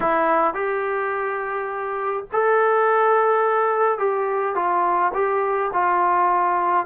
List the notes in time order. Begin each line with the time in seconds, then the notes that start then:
0.00 E4
0.54 G4
2.32 A4
3.98 G4
4.55 F4
5.14 G4
5.73 F4